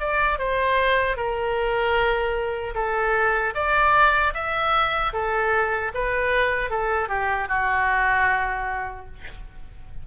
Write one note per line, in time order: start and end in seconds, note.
0.00 0.39 D5
0.39 1.17 C5
1.17 2.75 A#4
2.75 3.54 A4
3.55 4.33 D5
4.34 5.13 E5
5.13 5.92 A4
5.94 6.71 B4
6.71 7.09 A4
7.09 7.48 G4
7.49 9.06 F#4